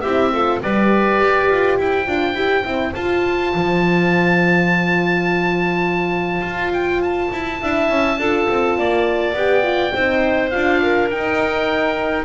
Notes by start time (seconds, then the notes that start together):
0.00 C4 E4 G4 E5
0.32 F4 A4
0.61 G3 G4 B4 D5
1.20 G4
1.49 F4
1.77 E4 C5 G5
2.06 D4 F4
2.34 E4 G4
2.64 C4 E4
2.94 F4 A5
3.54 F3
6.41 F4
6.73 G5
7.02 A5
7.32 E4
7.60 D4 E4 E5
7.89 C#4
8.18 D4 F4 A4
8.48 C4
8.77 A#3 D5
9.33 B3 G4 G5
9.63 F4
9.93 C4 D#4 C5
10.50 D4 F4 F5
10.82 A#4
11.09 D#4 G5